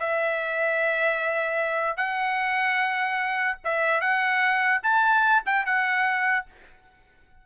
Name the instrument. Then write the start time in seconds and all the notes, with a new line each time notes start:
trumpet
0.00 E5
1.97 F#5
3.65 E5
4.01 F#5
4.83 A5
5.46 G5
5.66 F#5